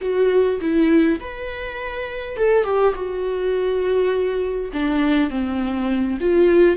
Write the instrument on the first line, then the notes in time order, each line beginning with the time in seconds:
viola
0.01 F#4
0.60 E4
1.20 B4
2.37 A4
2.64 G4
2.94 F#4
4.73 D4
5.29 C4
6.20 F4